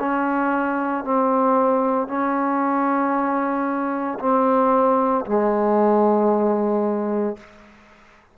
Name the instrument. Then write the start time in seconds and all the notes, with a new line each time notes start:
trombone
0.00 C#4
1.05 C4
2.09 C#4
4.20 C4
5.26 G#3